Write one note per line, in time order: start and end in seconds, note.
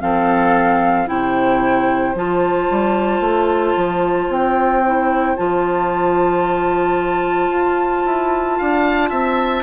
0.00 1.08 F3
0.00 1.07 C4
0.00 1.09 A4
0.00 1.07 F5
1.07 2.14 C3
1.07 2.14 E4
1.07 8.58 C5
1.07 2.15 G5
2.14 2.68 F3
2.14 4.83 F4
2.14 4.31 A5
2.70 3.20 G3
3.20 3.73 A3
3.76 4.28 F3
4.28 5.35 C4
4.28 5.36 G5
4.85 5.36 E4
5.36 7.49 F3
5.36 9.63 F4
5.36 9.63 A5
7.49 8.03 F4
8.05 8.59 E4
8.58 9.10 D4
8.58 9.10 F5
9.10 9.63 C4
9.10 9.63 E5